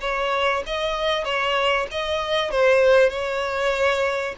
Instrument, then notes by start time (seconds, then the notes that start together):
violin
0.00 C#5
0.66 D#5
1.24 C#5
1.91 D#5
2.50 C5
3.09 C#5